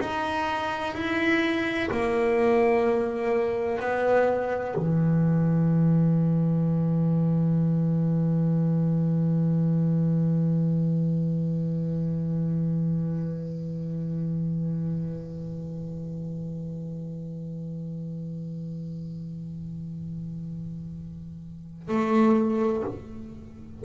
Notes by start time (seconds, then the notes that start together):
0.00 D#4
0.94 E4
1.91 A#3
3.79 B3
4.76 E3
21.88 A3